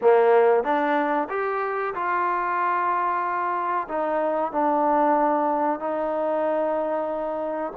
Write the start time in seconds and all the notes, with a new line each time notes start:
0.01 A#3
0.63 D4
1.29 G4
1.94 F4
3.88 D#4
4.52 D4
5.79 D#4